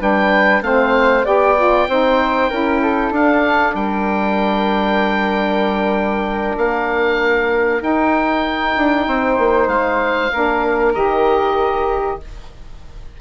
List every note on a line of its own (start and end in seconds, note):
0.00 0.62 G3
0.00 0.62 D4
0.00 0.63 B4
0.00 0.64 G5
0.62 1.24 A3
0.62 1.25 C4
0.62 1.25 C5
0.62 1.26 F5
1.25 1.88 B3
1.25 1.56 G4
1.25 1.88 D5
1.25 3.14 G5
1.57 1.88 F4
1.88 2.51 C4
1.88 2.51 D#4
1.88 2.50 C5
2.50 3.11 C#4
2.50 3.14 E4
2.50 2.81 A#4
2.82 3.75 A4
3.11 3.74 D4
3.11 7.80 D4
3.11 3.75 F5
3.74 6.56 G3
3.74 9.07 A#4
3.74 6.57 G5
6.58 7.82 A#3
6.58 7.83 F5
7.80 10.30 D#4
7.80 8.76 D#4
7.80 9.68 G5
8.76 9.08 D4
9.08 9.39 C4
9.08 10.33 C5
9.39 9.68 A#3
9.68 10.30 G#3
9.68 10.93 F5
10.33 10.96 A#3
10.33 10.95 D4
10.33 12.20 A#4
10.94 12.21 D#3
10.94 12.20 G4
10.94 12.19 D#5